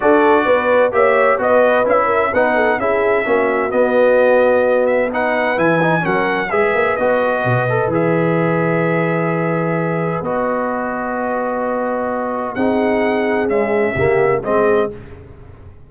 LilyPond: <<
  \new Staff \with { instrumentName = "trumpet" } { \time 4/4 \tempo 4 = 129 d''2 e''4 dis''4 | e''4 fis''4 e''2 | dis''2~ dis''8 e''8 fis''4 | gis''4 fis''4 e''4 dis''4~ |
dis''4 e''2.~ | e''2 dis''2~ | dis''2. fis''4~ | fis''4 e''2 dis''4 | }
  \new Staff \with { instrumentName = "horn" } { \time 4/4 a'4 b'4 cis''4 b'4~ | b'8 ais'8 b'8 a'8 gis'4 fis'4~ | fis'2. b'4~ | b'4 ais'4 b'2~ |
b'1~ | b'1~ | b'2. gis'4~ | gis'2 g'4 gis'4 | }
  \new Staff \with { instrumentName = "trombone" } { \time 4/4 fis'2 g'4 fis'4 | e'4 dis'4 e'4 cis'4 | b2. dis'4 | e'8 dis'8 cis'4 gis'4 fis'4~ |
fis'8 a'8 gis'2.~ | gis'2 fis'2~ | fis'2. dis'4~ | dis'4 gis4 ais4 c'4 | }
  \new Staff \with { instrumentName = "tuba" } { \time 4/4 d'4 b4 ais4 b4 | cis'4 b4 cis'4 ais4 | b1 | e4 fis4 gis8 ais8 b4 |
b,4 e2.~ | e2 b2~ | b2. c'4~ | c'4 cis'4 cis4 gis4 | }
>>